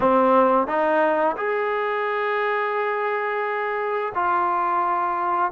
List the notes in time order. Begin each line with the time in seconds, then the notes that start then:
0.00 C4
0.67 D#4
1.36 G#4
4.14 F4